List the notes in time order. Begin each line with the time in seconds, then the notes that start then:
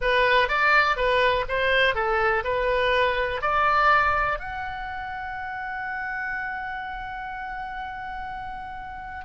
0.01 B4
0.48 D5
0.96 B4
1.48 C5
1.94 A4
2.44 B4
3.41 D5
4.39 F#5